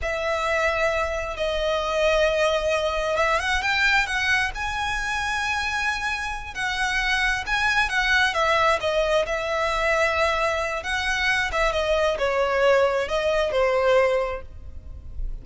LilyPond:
\new Staff \with { instrumentName = "violin" } { \time 4/4 \tempo 4 = 133 e''2. dis''4~ | dis''2. e''8 fis''8 | g''4 fis''4 gis''2~ | gis''2~ gis''8 fis''4.~ |
fis''8 gis''4 fis''4 e''4 dis''8~ | dis''8 e''2.~ e''8 | fis''4. e''8 dis''4 cis''4~ | cis''4 dis''4 c''2 | }